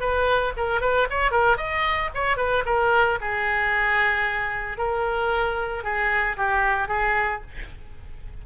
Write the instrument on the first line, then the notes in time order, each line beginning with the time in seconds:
oboe
0.00 B4
0.57 A#4
0.81 B4
1.10 C#5
1.31 A#4
1.57 D#5
2.14 C#5
2.37 B4
2.66 A#4
3.21 G#4
4.78 A#4
5.84 G#4
6.37 G4
6.88 G#4